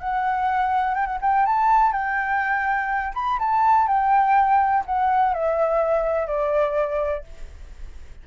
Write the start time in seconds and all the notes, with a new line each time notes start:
0.00 F#5
0.95 G5
1.06 F#5
1.22 G5
1.46 A5
1.92 G5
3.14 B5
3.39 A5
3.88 G5
4.86 F#5
5.34 E5
6.27 D5